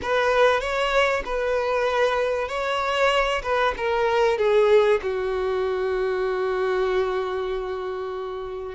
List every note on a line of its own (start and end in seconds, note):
0.01 0.60 B4
0.60 1.22 C#5
1.25 2.48 B4
2.48 3.42 C#5
3.43 3.74 B4
3.77 4.38 A#4
4.38 5.00 G#4
5.02 8.74 F#4